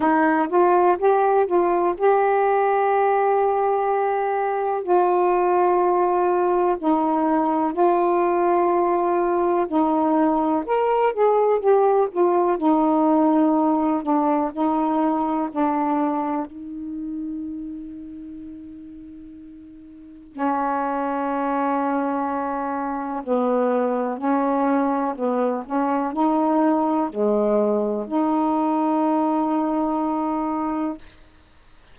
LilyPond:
\new Staff \with { instrumentName = "saxophone" } { \time 4/4 \tempo 4 = 62 dis'8 f'8 g'8 f'8 g'2~ | g'4 f'2 dis'4 | f'2 dis'4 ais'8 gis'8 | g'8 f'8 dis'4. d'8 dis'4 |
d'4 dis'2.~ | dis'4 cis'2. | b4 cis'4 b8 cis'8 dis'4 | gis4 dis'2. | }